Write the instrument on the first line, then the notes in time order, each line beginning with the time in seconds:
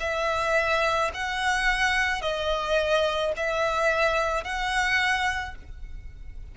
violin
0.00 E5
1.14 F#5
2.21 D#5
3.36 E5
4.43 F#5